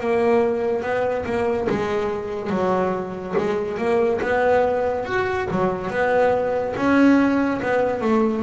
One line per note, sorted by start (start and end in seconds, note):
0.00 0.82 A#3
0.82 1.24 B3
1.25 1.67 A#3
1.69 2.50 G#3
2.50 3.35 F#3
3.37 3.78 G#3
3.78 4.20 A#3
4.21 5.05 B3
5.05 5.47 F#4
5.51 5.90 F#3
5.90 6.75 B3
6.76 7.61 C#4
7.62 8.01 B3
8.01 8.42 A3